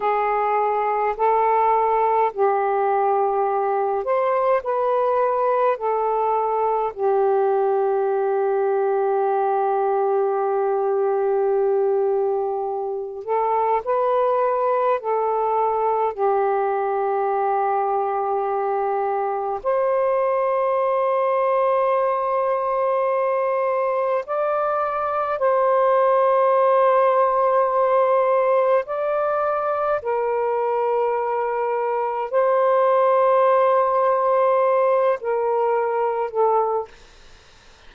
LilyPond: \new Staff \with { instrumentName = "saxophone" } { \time 4/4 \tempo 4 = 52 gis'4 a'4 g'4. c''8 | b'4 a'4 g'2~ | g'2.~ g'8 a'8 | b'4 a'4 g'2~ |
g'4 c''2.~ | c''4 d''4 c''2~ | c''4 d''4 ais'2 | c''2~ c''8 ais'4 a'8 | }